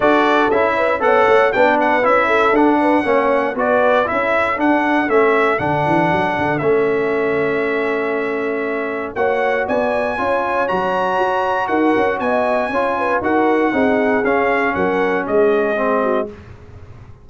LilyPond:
<<
  \new Staff \with { instrumentName = "trumpet" } { \time 4/4 \tempo 4 = 118 d''4 e''4 fis''4 g''8 fis''8 | e''4 fis''2 d''4 | e''4 fis''4 e''4 fis''4~ | fis''4 e''2.~ |
e''2 fis''4 gis''4~ | gis''4 ais''2 fis''4 | gis''2 fis''2 | f''4 fis''4 dis''2 | }
  \new Staff \with { instrumentName = "horn" } { \time 4/4 a'4. b'8 cis''4 b'4~ | b'8 a'4 b'8 cis''4 b'4 | a'1~ | a'1~ |
a'2 cis''4 d''4 | cis''2. ais'4 | dis''4 cis''8 b'8 ais'4 gis'4~ | gis'4 ais'4 gis'4. fis'8 | }
  \new Staff \with { instrumentName = "trombone" } { \time 4/4 fis'4 e'4 a'4 d'4 | e'4 d'4 cis'4 fis'4 | e'4 d'4 cis'4 d'4~ | d'4 cis'2.~ |
cis'2 fis'2 | f'4 fis'2.~ | fis'4 f'4 fis'4 dis'4 | cis'2. c'4 | }
  \new Staff \with { instrumentName = "tuba" } { \time 4/4 d'4 cis'4 b8 a8 b4 | cis'4 d'4 ais4 b4 | cis'4 d'4 a4 d8 e8 | fis8 d8 a2.~ |
a2 ais4 b4 | cis'4 fis4 fis'4 dis'8 cis'8 | b4 cis'4 dis'4 c'4 | cis'4 fis4 gis2 | }
>>